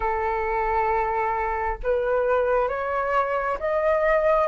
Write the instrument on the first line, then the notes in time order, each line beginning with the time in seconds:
flute
0.00 A4
1.83 B4
2.68 C#5
3.59 D#5